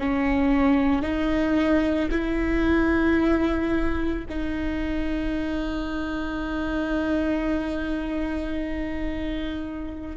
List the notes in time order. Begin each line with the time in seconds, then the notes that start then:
0.00 C#4
1.02 D#4
2.11 E4
4.30 D#4